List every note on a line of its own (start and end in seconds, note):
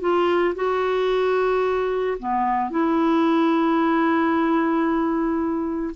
0.00 0.54 F4
0.55 2.17 F#4
2.19 2.70 B3
2.70 5.94 E4